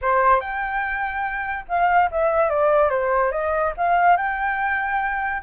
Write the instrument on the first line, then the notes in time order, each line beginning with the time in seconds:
flute
0.01 C5
0.40 G5
1.68 F5
2.11 E5
2.49 D5
2.90 C5
3.31 D#5
3.77 F5
4.17 G5